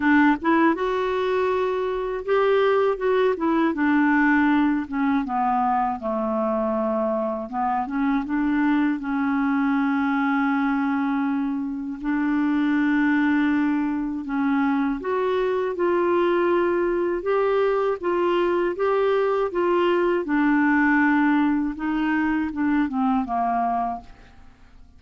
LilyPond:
\new Staff \with { instrumentName = "clarinet" } { \time 4/4 \tempo 4 = 80 d'8 e'8 fis'2 g'4 | fis'8 e'8 d'4. cis'8 b4 | a2 b8 cis'8 d'4 | cis'1 |
d'2. cis'4 | fis'4 f'2 g'4 | f'4 g'4 f'4 d'4~ | d'4 dis'4 d'8 c'8 ais4 | }